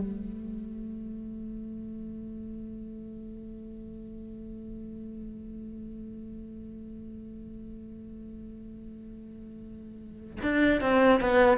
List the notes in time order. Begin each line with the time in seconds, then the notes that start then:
0.00 A3
10.43 D4
10.81 C4
11.21 B3